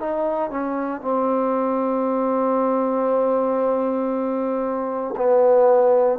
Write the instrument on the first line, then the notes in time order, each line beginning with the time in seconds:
trombone
0.00 D#4
0.51 C#4
1.02 C4
5.17 B3